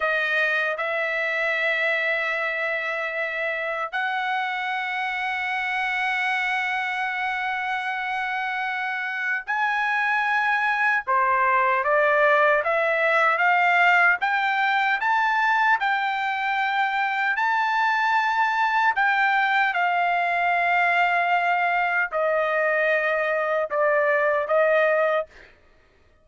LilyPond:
\new Staff \with { instrumentName = "trumpet" } { \time 4/4 \tempo 4 = 76 dis''4 e''2.~ | e''4 fis''2.~ | fis''1 | gis''2 c''4 d''4 |
e''4 f''4 g''4 a''4 | g''2 a''2 | g''4 f''2. | dis''2 d''4 dis''4 | }